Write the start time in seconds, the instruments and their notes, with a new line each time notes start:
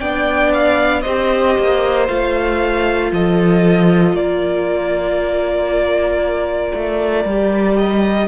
0.00 cello B3, viola D4, violin D5 G5
0.53 violin F5
1.02 cello C4, viola G4, violin C5 D#5
1.59 cello A#3
2.08 cello A3, viola F4, violin F5
3.12 cello F3, violin A4 D#5
4.14 cello A#3, violin A#4 D5
6.75 cello A3
7.25 cello G3, viola G4
7.77 violin D#5